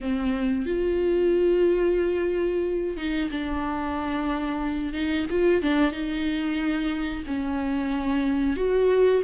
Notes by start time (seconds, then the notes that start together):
0.01 C4
0.66 F4
2.96 D#4
3.30 D4
4.93 D#4
5.30 F4
5.62 D4
5.91 D#4
7.26 C#4
8.56 F#4